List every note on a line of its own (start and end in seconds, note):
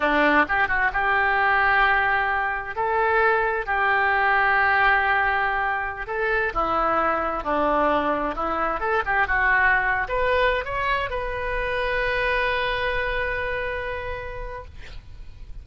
0.00 0.45 D4
0.48 0.68 G4
0.68 0.91 F#4
0.92 2.75 G4
2.75 3.66 A4
3.66 6.06 G4
6.07 6.52 A4
6.53 7.43 E4
7.43 8.35 D4
8.35 8.80 E4
8.80 9.02 A4
9.05 9.27 G4
9.27 10.07 F#4
10.08 10.65 B4
10.65 11.10 C#5
11.10 14.65 B4